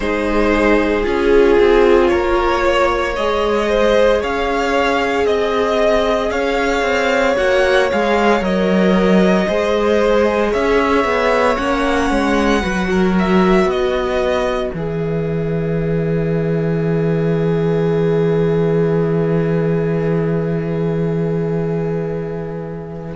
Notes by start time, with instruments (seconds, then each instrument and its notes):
0.00 cello G#3, viola D#4, violin G#4 C5
1.03 cello C#4, viola F4, violin G#4
1.59 cello C4
2.07 cello A#3, violin A#4 C#5
2.64 violin C#5
3.16 cello G#3, viola G#4, violin D#5
3.68 violin C5
4.20 cello C#4, violin C#5 F5
5.25 cello C4, violin D#5
6.30 cello C#4, violin C#5 F5
6.81 cello C4
7.36 cello A#3, viola F#4, violin F#5
7.91 cello G#3, viola G#4, violin F5
8.40 cello F#3, viola A#4, violin D#5
9.47 cello G#3, viola G#4, violin C5
10.51 cello C#4, violin C#5 E5
11.04 cello B3
11.56 cello A#3, viola C#4, violin F#5
12.10 cello G#3
12.61 cello F#3, viola F#4, violin B4
12.90 violin A#4
13.18 violin E5
13.64 cello B3, violin B4 D#5
14.71 cello E3, viola G#4, violin E5